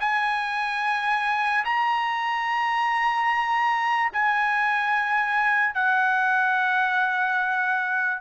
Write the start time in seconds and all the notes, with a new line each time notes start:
0.00 G#5
1.65 A#5
4.13 G#5
5.75 F#5